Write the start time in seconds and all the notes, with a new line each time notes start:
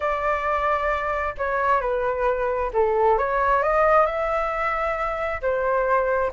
0.00 D5
1.37 C#5
1.80 B4
2.73 A4
3.18 C#5
3.62 D#5
4.06 E5
5.41 C5